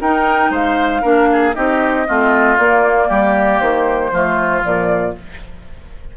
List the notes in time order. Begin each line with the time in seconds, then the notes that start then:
0.00 D#4 A#4 G5
0.50 G#3 C5 F5
1.01 A#3 D4 A#4
1.32 G#4
1.54 C4 D#4 G4 D#5
2.06 A3 C4 F4
2.57 A#3 D5
3.08 G3 G4
3.59 D#3 C5
4.11 F3 A3 F4
4.60 A#2 F3 D5